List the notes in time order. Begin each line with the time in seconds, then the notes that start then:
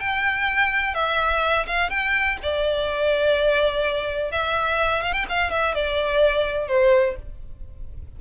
0.00 G5
0.94 E5
1.67 F5
1.90 G5
2.43 D5
4.32 E5
5.03 F5
5.13 G5
5.29 F5
5.51 E5
5.75 D5
6.68 C5